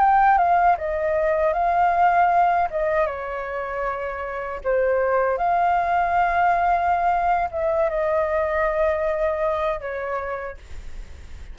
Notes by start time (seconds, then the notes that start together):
0.00 G5
0.38 F5
0.78 D#5
1.53 F5
2.71 D#5
3.07 C#5
4.64 C5
5.38 F5
7.51 E5
7.90 D#5
9.81 C#5